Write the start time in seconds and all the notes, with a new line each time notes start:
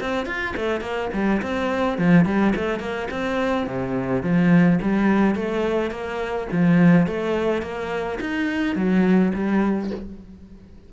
0.00 C4
0.25 F4
0.56 A3
0.81 A#3
1.13 G3
1.42 C4
1.98 F3
2.25 G3
2.55 A3
2.79 A#3
3.10 C4
3.67 C3
4.22 F3
4.81 G3
5.35 A3
5.90 A#3
6.51 F3
7.07 A3
7.62 A#3
8.20 D#4
8.75 F#3
9.33 G3